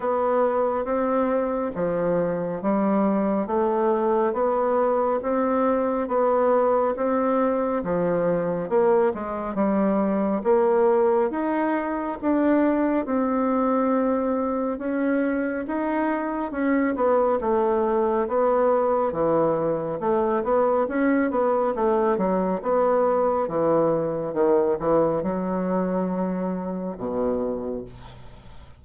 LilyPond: \new Staff \with { instrumentName = "bassoon" } { \time 4/4 \tempo 4 = 69 b4 c'4 f4 g4 | a4 b4 c'4 b4 | c'4 f4 ais8 gis8 g4 | ais4 dis'4 d'4 c'4~ |
c'4 cis'4 dis'4 cis'8 b8 | a4 b4 e4 a8 b8 | cis'8 b8 a8 fis8 b4 e4 | dis8 e8 fis2 b,4 | }